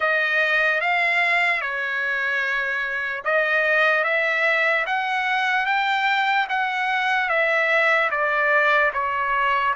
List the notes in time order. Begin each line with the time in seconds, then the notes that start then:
0.00 D#5
0.80 F5
1.61 C#5
3.24 D#5
4.04 E5
4.86 F#5
5.65 G5
6.49 F#5
7.29 E5
8.10 D5
8.93 C#5